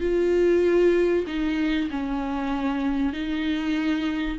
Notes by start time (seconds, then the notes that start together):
0.00 F4
1.27 D#4
1.90 C#4
3.13 D#4